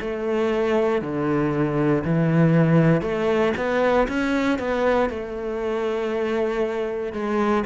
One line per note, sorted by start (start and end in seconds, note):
0.00 1.02 A3
1.02 2.03 D3
2.04 3.01 E3
3.01 3.52 A3
3.56 4.07 B3
4.08 4.59 C#4
4.59 5.09 B3
5.09 7.12 A3
7.12 7.63 G#3